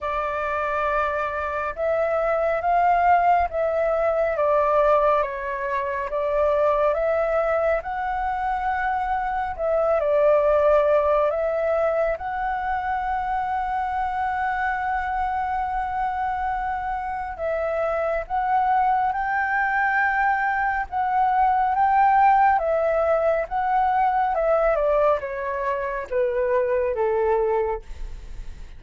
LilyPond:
\new Staff \with { instrumentName = "flute" } { \time 4/4 \tempo 4 = 69 d''2 e''4 f''4 | e''4 d''4 cis''4 d''4 | e''4 fis''2 e''8 d''8~ | d''4 e''4 fis''2~ |
fis''1 | e''4 fis''4 g''2 | fis''4 g''4 e''4 fis''4 | e''8 d''8 cis''4 b'4 a'4 | }